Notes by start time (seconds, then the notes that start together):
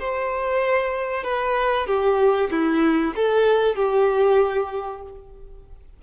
0.00 C5
1.24 B4
1.87 G4
2.51 E4
3.16 A4
3.76 G4